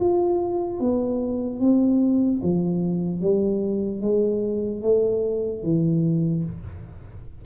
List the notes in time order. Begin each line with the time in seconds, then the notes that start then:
0.00 F4
0.80 B3
1.60 C4
2.43 F3
3.21 G3
4.01 G#3
4.82 A3
5.63 E3